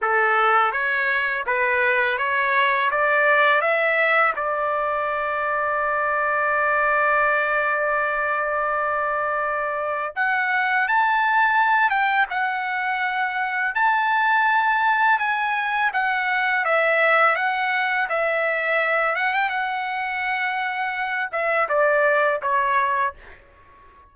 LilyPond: \new Staff \with { instrumentName = "trumpet" } { \time 4/4 \tempo 4 = 83 a'4 cis''4 b'4 cis''4 | d''4 e''4 d''2~ | d''1~ | d''2 fis''4 a''4~ |
a''8 g''8 fis''2 a''4~ | a''4 gis''4 fis''4 e''4 | fis''4 e''4. fis''16 g''16 fis''4~ | fis''4. e''8 d''4 cis''4 | }